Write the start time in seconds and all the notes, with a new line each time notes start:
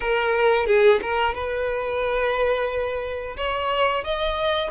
0.00 A#4
0.66 G#4
1.01 A#4
1.34 B4
3.36 C#5
4.04 D#5